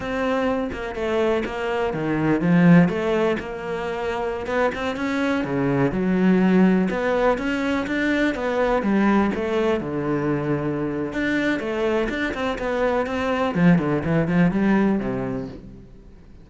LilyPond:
\new Staff \with { instrumentName = "cello" } { \time 4/4 \tempo 4 = 124 c'4. ais8 a4 ais4 | dis4 f4 a4 ais4~ | ais4~ ais16 b8 c'8 cis'4 cis8.~ | cis16 fis2 b4 cis'8.~ |
cis'16 d'4 b4 g4 a8.~ | a16 d2~ d8. d'4 | a4 d'8 c'8 b4 c'4 | f8 d8 e8 f8 g4 c4 | }